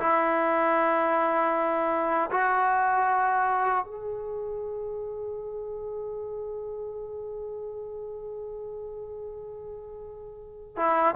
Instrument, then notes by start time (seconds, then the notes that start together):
trombone
0.00 E4
2.31 F#4
3.85 G#4
10.77 E4